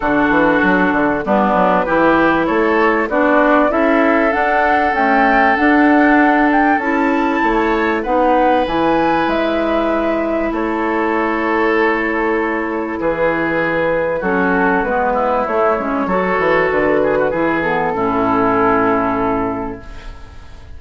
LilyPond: <<
  \new Staff \with { instrumentName = "flute" } { \time 4/4 \tempo 4 = 97 a'2 b'2 | cis''4 d''4 e''4 fis''4 | g''4 fis''4. g''8 a''4~ | a''4 fis''4 gis''4 e''4~ |
e''4 cis''2.~ | cis''4 b'2 a'4 | b'4 cis''2 b'4~ | b'8 a'2.~ a'8 | }
  \new Staff \with { instrumentName = "oboe" } { \time 4/4 fis'2 d'4 g'4 | a'4 fis'4 a'2~ | a'1 | cis''4 b'2.~ |
b'4 a'2.~ | a'4 gis'2 fis'4~ | fis'8 e'4. a'4. gis'16 fis'16 | gis'4 e'2. | }
  \new Staff \with { instrumentName = "clarinet" } { \time 4/4 d'2 b4 e'4~ | e'4 d'4 e'4 d'4 | a4 d'2 e'4~ | e'4 dis'4 e'2~ |
e'1~ | e'2. cis'4 | b4 a8 cis'8 fis'2 | e'8 b8 cis'2. | }
  \new Staff \with { instrumentName = "bassoon" } { \time 4/4 d8 e8 fis8 d8 g8 fis8 e4 | a4 b4 cis'4 d'4 | cis'4 d'2 cis'4 | a4 b4 e4 gis4~ |
gis4 a2.~ | a4 e2 fis4 | gis4 a8 gis8 fis8 e8 d4 | e4 a,2. | }
>>